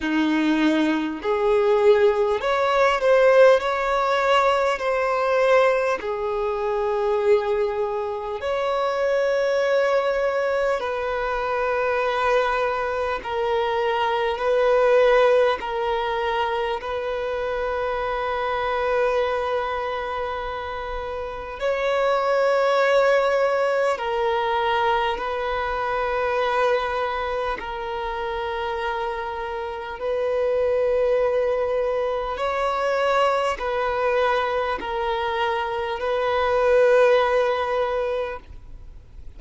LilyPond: \new Staff \with { instrumentName = "violin" } { \time 4/4 \tempo 4 = 50 dis'4 gis'4 cis''8 c''8 cis''4 | c''4 gis'2 cis''4~ | cis''4 b'2 ais'4 | b'4 ais'4 b'2~ |
b'2 cis''2 | ais'4 b'2 ais'4~ | ais'4 b'2 cis''4 | b'4 ais'4 b'2 | }